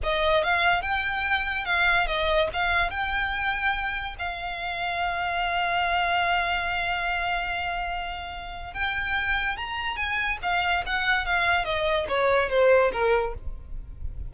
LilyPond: \new Staff \with { instrumentName = "violin" } { \time 4/4 \tempo 4 = 144 dis''4 f''4 g''2 | f''4 dis''4 f''4 g''4~ | g''2 f''2~ | f''1~ |
f''1~ | f''4 g''2 ais''4 | gis''4 f''4 fis''4 f''4 | dis''4 cis''4 c''4 ais'4 | }